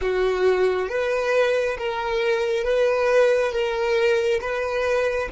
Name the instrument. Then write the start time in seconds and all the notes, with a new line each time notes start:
violin
0.01 F#4
0.88 B4
1.78 A#4
2.64 B4
3.51 A#4
4.40 B4